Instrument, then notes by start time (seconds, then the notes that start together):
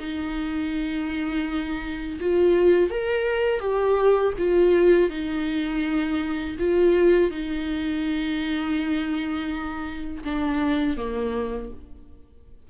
viola
0.00 D#4
2.21 F4
2.91 A#4
3.60 G4
4.39 F4
5.10 D#4
6.60 F4
7.31 D#4
10.25 D4
10.98 A#3